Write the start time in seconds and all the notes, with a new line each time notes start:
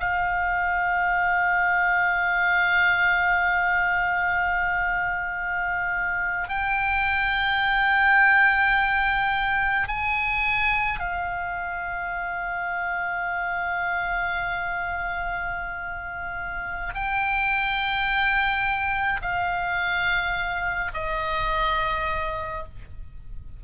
0.00 F5
6.49 G5
9.88 G#5
11.00 F5
16.94 G5
19.22 F5
20.94 D#5